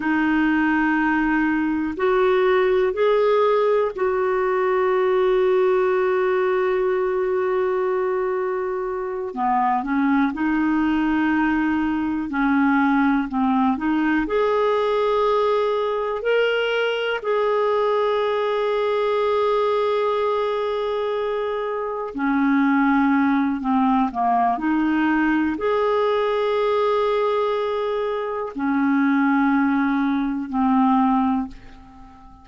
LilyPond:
\new Staff \with { instrumentName = "clarinet" } { \time 4/4 \tempo 4 = 61 dis'2 fis'4 gis'4 | fis'1~ | fis'4. b8 cis'8 dis'4.~ | dis'8 cis'4 c'8 dis'8 gis'4.~ |
gis'8 ais'4 gis'2~ gis'8~ | gis'2~ gis'8 cis'4. | c'8 ais8 dis'4 gis'2~ | gis'4 cis'2 c'4 | }